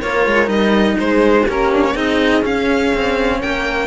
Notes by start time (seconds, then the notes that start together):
0.00 A#3 F4 A#4 C#5
0.27 G#3
0.46 G3 D#4 D#5
1.00 G#3 G#4 C5
1.45 A#3 C#4 G4
1.51 A#4
1.73 D4
1.85 C#5
1.94 C4 D#4 G#4 D#5
2.42 C#4 F5
2.94 C4
3.41 A#3 A#4 G5